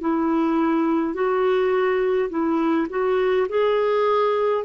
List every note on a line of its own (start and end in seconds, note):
0.00 1.14 E4
1.14 2.29 F#4
2.29 2.87 E4
2.90 3.47 F#4
3.49 4.64 G#4